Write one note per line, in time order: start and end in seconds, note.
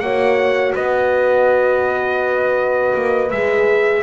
0.00 0.74 A#3
0.00 3.32 F#4
0.00 0.74 C#5
0.00 0.73 F#5
0.74 2.95 B3
0.74 4.03 B4
0.74 3.31 D#5
2.95 3.32 A#3
3.31 4.03 G#3
3.31 4.03 G#4
3.31 4.03 E5